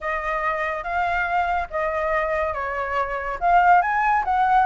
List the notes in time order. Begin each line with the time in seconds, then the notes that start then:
0.00 D#5
0.83 F5
1.70 D#5
2.53 C#5
3.40 F5
3.81 G#5
4.24 F#5